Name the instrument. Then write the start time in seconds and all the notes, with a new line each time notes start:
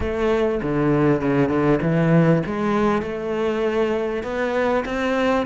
cello
0.00 A3
0.62 D3
1.21 C#3
1.48 D3
1.82 E3
2.45 G#3
3.02 A3
4.23 B3
4.85 C4